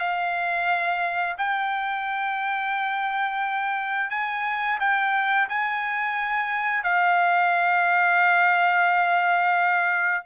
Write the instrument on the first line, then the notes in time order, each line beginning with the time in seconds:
trumpet
0.00 F5
1.38 G5
4.10 G#5
4.80 G5
5.49 G#5
6.83 F5